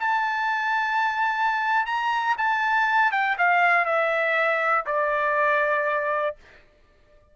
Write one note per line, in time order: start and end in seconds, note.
0.00 1.86 A5
1.86 2.36 A#5
2.38 3.12 A5
3.12 3.37 G5
3.38 3.86 F5
3.86 4.86 E5
4.87 6.37 D5